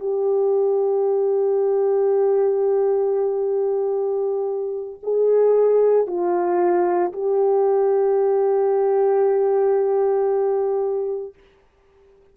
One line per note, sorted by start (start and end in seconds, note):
0.00 5.00 G4
5.03 6.07 G#4
6.07 7.12 F4
7.13 11.34 G4